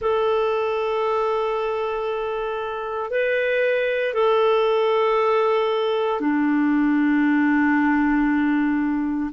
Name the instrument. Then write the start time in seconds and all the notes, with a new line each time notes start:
clarinet
0.01 A4
3.10 B4
4.14 A4
6.20 D4